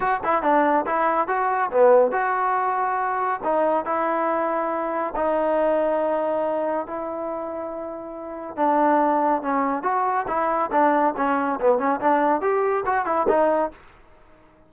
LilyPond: \new Staff \with { instrumentName = "trombone" } { \time 4/4 \tempo 4 = 140 fis'8 e'8 d'4 e'4 fis'4 | b4 fis'2. | dis'4 e'2. | dis'1 |
e'1 | d'2 cis'4 fis'4 | e'4 d'4 cis'4 b8 cis'8 | d'4 g'4 fis'8 e'8 dis'4 | }